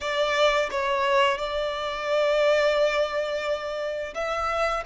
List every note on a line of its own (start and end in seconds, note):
0.00 0.69 D5
0.71 1.38 C#5
1.38 4.14 D5
4.14 4.83 E5